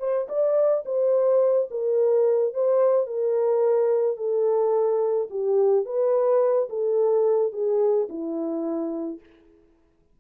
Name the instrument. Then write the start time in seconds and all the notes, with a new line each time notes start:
horn
0.00 C5
0.29 D5
0.86 C5
1.71 A#4
2.55 C5
3.07 A#4
4.17 A4
5.31 G4
5.86 B4
6.70 A4
7.53 G#4
8.09 E4